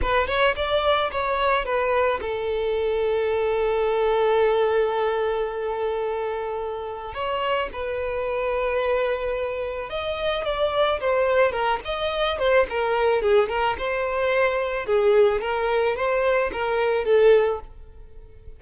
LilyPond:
\new Staff \with { instrumentName = "violin" } { \time 4/4 \tempo 4 = 109 b'8 cis''8 d''4 cis''4 b'4 | a'1~ | a'1~ | a'4 cis''4 b'2~ |
b'2 dis''4 d''4 | c''4 ais'8 dis''4 c''8 ais'4 | gis'8 ais'8 c''2 gis'4 | ais'4 c''4 ais'4 a'4 | }